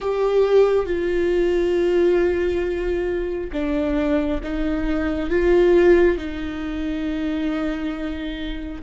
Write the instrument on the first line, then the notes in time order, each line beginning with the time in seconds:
viola
0.00 G4
0.86 F4
3.52 D4
4.43 D#4
5.29 F4
6.17 D#4